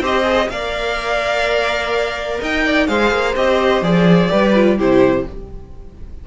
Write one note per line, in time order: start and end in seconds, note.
0.00 0.48 C4
0.00 0.24 G4
0.00 0.48 C5
0.00 0.50 D#5
0.24 0.47 G#4
0.49 2.40 A#3
0.49 2.88 A#4
0.49 2.41 D5
0.49 2.40 F5
2.41 2.88 D#4
2.41 2.65 D#5
2.41 2.87 G5
2.66 2.88 D5
2.87 3.12 G#3
2.87 3.35 G#4
2.87 4.31 C5
2.87 3.35 F5
3.12 3.35 A#3
3.36 3.82 C4
3.36 3.84 G4
3.36 3.84 D#5
3.82 4.30 F3
3.82 4.30 G#4
3.82 4.79 D5
4.30 4.79 G3
4.30 4.54 G4
4.30 4.77 B4
4.55 4.79 F4
4.77 5.27 C3
4.77 5.26 E4
4.77 5.25 G4
4.77 5.27 C5